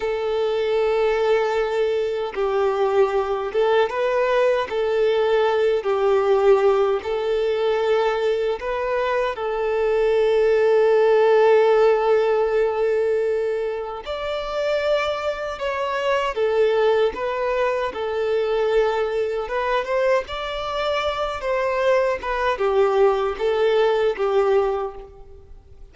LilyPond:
\new Staff \with { instrumentName = "violin" } { \time 4/4 \tempo 4 = 77 a'2. g'4~ | g'8 a'8 b'4 a'4. g'8~ | g'4 a'2 b'4 | a'1~ |
a'2 d''2 | cis''4 a'4 b'4 a'4~ | a'4 b'8 c''8 d''4. c''8~ | c''8 b'8 g'4 a'4 g'4 | }